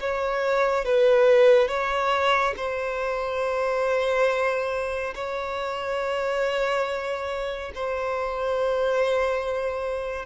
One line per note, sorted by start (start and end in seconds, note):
0.00 0.85 C#5
0.85 1.68 B4
1.68 2.54 C#5
2.57 5.14 C5
5.15 7.72 C#5
7.75 10.26 C5